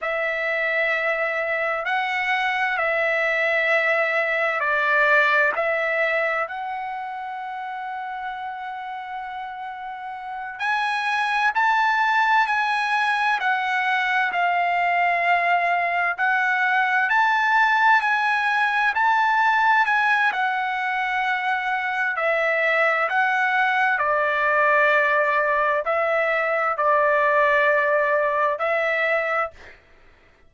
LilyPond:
\new Staff \with { instrumentName = "trumpet" } { \time 4/4 \tempo 4 = 65 e''2 fis''4 e''4~ | e''4 d''4 e''4 fis''4~ | fis''2.~ fis''8 gis''8~ | gis''8 a''4 gis''4 fis''4 f''8~ |
f''4. fis''4 a''4 gis''8~ | gis''8 a''4 gis''8 fis''2 | e''4 fis''4 d''2 | e''4 d''2 e''4 | }